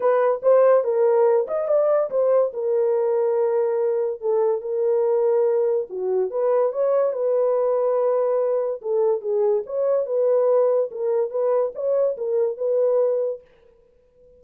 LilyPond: \new Staff \with { instrumentName = "horn" } { \time 4/4 \tempo 4 = 143 b'4 c''4 ais'4. dis''8 | d''4 c''4 ais'2~ | ais'2 a'4 ais'4~ | ais'2 fis'4 b'4 |
cis''4 b'2.~ | b'4 a'4 gis'4 cis''4 | b'2 ais'4 b'4 | cis''4 ais'4 b'2 | }